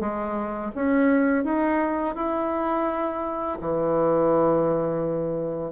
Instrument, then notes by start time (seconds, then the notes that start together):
bassoon
0.00 G#3
0.75 C#4
1.44 D#4
2.16 E4
3.61 E3